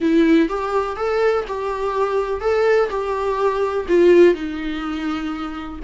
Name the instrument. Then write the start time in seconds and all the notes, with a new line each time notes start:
viola
0.00 E4
0.48 G4
0.96 A4
1.47 G4
2.40 A4
2.89 G4
3.88 F4
4.34 D#4